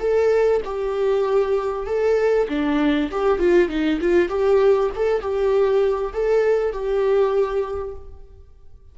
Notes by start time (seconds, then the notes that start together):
0.00 A4
0.65 G4
1.86 A4
2.48 D4
3.11 G4
3.39 F4
3.69 D#4
4.01 F4
4.29 G4
4.96 A4
5.21 G4
6.13 A4
6.72 G4